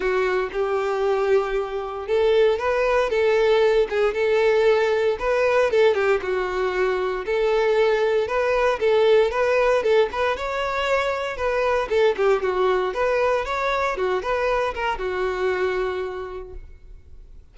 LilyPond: \new Staff \with { instrumentName = "violin" } { \time 4/4 \tempo 4 = 116 fis'4 g'2. | a'4 b'4 a'4. gis'8 | a'2 b'4 a'8 g'8 | fis'2 a'2 |
b'4 a'4 b'4 a'8 b'8 | cis''2 b'4 a'8 g'8 | fis'4 b'4 cis''4 fis'8 b'8~ | b'8 ais'8 fis'2. | }